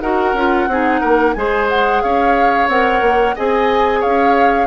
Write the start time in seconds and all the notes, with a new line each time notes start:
0.00 D#4 F#4 A#4 F#5
0.33 C#4 F4
0.67 C4 D#4 G#4
1.00 A#3 A#4
1.33 G#3 G#4 C5 G#5
1.69 F#5
2.01 C#4 C#5 F5
2.67 C4 A#4 F#5
3.01 A#3
3.35 C4 G#4 D#5 G#5
3.99 C#4 C#5 F5